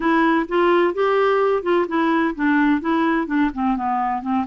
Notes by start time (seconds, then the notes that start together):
0.00 E4
0.48 F4
0.94 G4
1.62 F4
1.87 E4
2.35 D4
2.80 E4
3.27 D4
3.53 C4
3.76 B3
4.22 C4